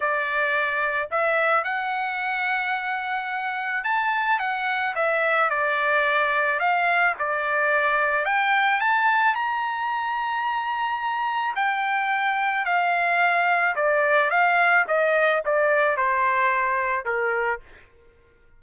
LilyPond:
\new Staff \with { instrumentName = "trumpet" } { \time 4/4 \tempo 4 = 109 d''2 e''4 fis''4~ | fis''2. a''4 | fis''4 e''4 d''2 | f''4 d''2 g''4 |
a''4 ais''2.~ | ais''4 g''2 f''4~ | f''4 d''4 f''4 dis''4 | d''4 c''2 ais'4 | }